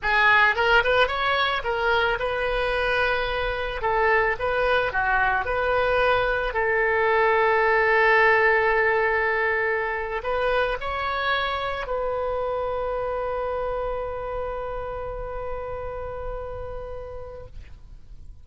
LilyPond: \new Staff \with { instrumentName = "oboe" } { \time 4/4 \tempo 4 = 110 gis'4 ais'8 b'8 cis''4 ais'4 | b'2. a'4 | b'4 fis'4 b'2 | a'1~ |
a'2~ a'8. b'4 cis''16~ | cis''4.~ cis''16 b'2~ b'16~ | b'1~ | b'1 | }